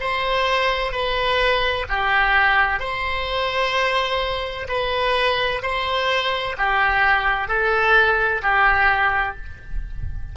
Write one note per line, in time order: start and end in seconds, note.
0.00 0.92 C5
0.92 1.86 B4
1.89 2.80 G4
2.80 4.67 C5
4.69 5.62 B4
5.62 6.56 C5
6.58 7.48 G4
7.48 8.42 A4
8.43 9.37 G4